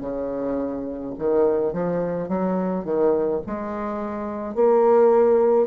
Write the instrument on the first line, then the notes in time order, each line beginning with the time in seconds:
bassoon
0.00 C#3
1.18 D#3
1.73 F3
2.28 F#3
2.84 D#3
3.46 G#3
4.55 A#3